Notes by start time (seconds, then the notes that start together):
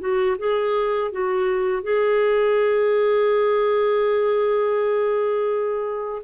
0.00 F#4
0.39 G#4
1.12 F#4
1.83 G#4